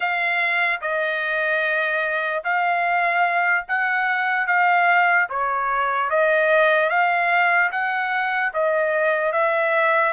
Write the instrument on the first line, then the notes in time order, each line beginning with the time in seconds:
trumpet
0.00 F5
0.81 D#5
2.44 F5
3.67 F#5
4.46 F5
5.29 C#5
6.10 D#5
6.89 F5
7.71 F#5
8.54 D#5
9.32 E5